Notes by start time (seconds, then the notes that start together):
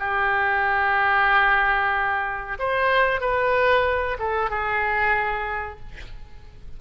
0.00 G4
2.60 C5
3.21 B4
4.19 A4
4.51 G#4